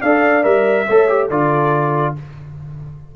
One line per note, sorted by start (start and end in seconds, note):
0.00 0.44 D4
0.00 0.43 A4
0.00 0.85 D5
0.00 0.43 F5
0.43 0.87 G3
0.43 0.85 A#4
0.43 1.28 E5
0.89 1.30 A3
0.89 1.08 A4
0.89 1.28 C#5
1.08 1.29 G4
1.28 2.14 D3
1.28 2.15 F4
1.28 2.13 A4
1.28 2.15 D5